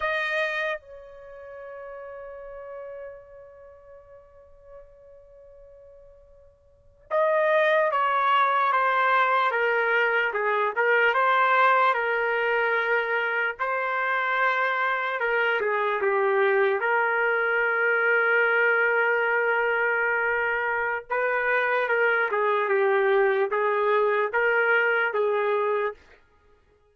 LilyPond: \new Staff \with { instrumentName = "trumpet" } { \time 4/4 \tempo 4 = 74 dis''4 cis''2.~ | cis''1~ | cis''8. dis''4 cis''4 c''4 ais'16~ | ais'8. gis'8 ais'8 c''4 ais'4~ ais'16~ |
ais'8. c''2 ais'8 gis'8 g'16~ | g'8. ais'2.~ ais'16~ | ais'2 b'4 ais'8 gis'8 | g'4 gis'4 ais'4 gis'4 | }